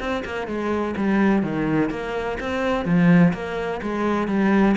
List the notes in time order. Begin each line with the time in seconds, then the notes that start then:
0.00 C4
0.25 A#3
0.48 G#3
0.97 G3
1.44 D#3
1.91 A#3
2.40 C4
2.86 F3
3.34 A#3
3.82 G#3
4.28 G3